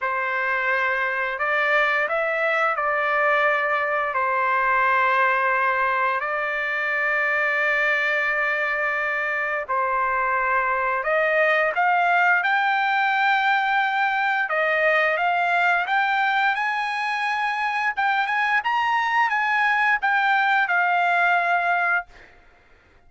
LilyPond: \new Staff \with { instrumentName = "trumpet" } { \time 4/4 \tempo 4 = 87 c''2 d''4 e''4 | d''2 c''2~ | c''4 d''2.~ | d''2 c''2 |
dis''4 f''4 g''2~ | g''4 dis''4 f''4 g''4 | gis''2 g''8 gis''8 ais''4 | gis''4 g''4 f''2 | }